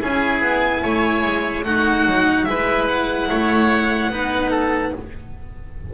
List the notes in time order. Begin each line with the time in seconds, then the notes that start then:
0.00 C#4 E4 G#4 G#5
0.42 B3
0.83 A3 C#5
1.24 G#3
1.64 A3 D#4 F#4 F#5
2.06 F#3
2.44 G#3 E4 B4 E5
2.89 F#5
3.29 A3 C#5
4.10 B3 D#4 B4
4.51 A4